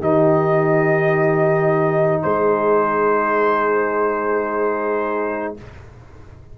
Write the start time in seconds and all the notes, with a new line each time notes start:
0.00 D#3 D#4 G4 D#5
2.22 G#3 G#4 C5